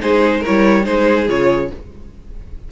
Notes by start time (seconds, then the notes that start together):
0.00 G#3 D#4 G#4 C5
0.40 E4 A#4 C#5
0.48 G3
0.83 G#3 D#4 G#4 C5
1.28 C#3 F4 C#5